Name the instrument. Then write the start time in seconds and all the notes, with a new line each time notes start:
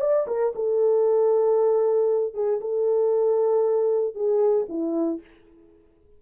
horn
0.00 D5
0.27 A#4
0.55 A4
2.34 G#4
2.61 A4
4.14 G#4
4.68 E4